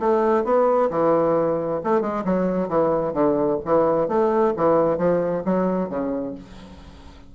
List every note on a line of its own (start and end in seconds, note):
0.00 0.44 A3
0.44 0.90 B3
0.90 1.81 E3
1.84 2.01 A3
2.01 2.24 G#3
2.25 2.69 F#3
2.69 3.14 E3
3.14 3.59 D3
3.65 4.08 E3
4.08 4.54 A3
4.57 4.98 E3
4.98 5.43 F3
5.45 5.89 F#3
5.89 6.35 C#3